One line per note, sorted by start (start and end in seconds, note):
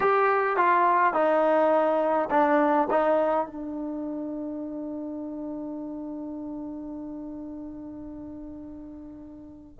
0.00 0.56 G4
0.56 1.13 F4
1.13 2.29 D#4
2.30 2.87 D4
2.90 3.46 D#4
3.46 9.80 D4